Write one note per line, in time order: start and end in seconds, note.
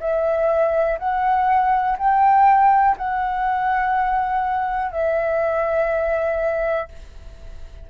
0.00 0.98 E5
0.99 1.97 F#5
1.98 2.96 G5
2.97 4.92 F#5
4.92 6.89 E5